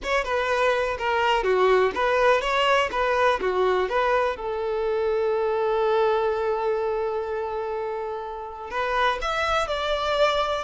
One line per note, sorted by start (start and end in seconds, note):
0.03 0.24 C#5
0.24 0.97 B4
0.98 1.43 A#4
1.43 1.92 F#4
1.94 2.41 B4
2.41 2.89 C#5
2.91 3.40 B4
3.40 3.89 F#4
3.89 4.36 B4
4.36 8.70 A4
8.70 9.18 B4
9.21 9.67 E5
9.67 10.64 D5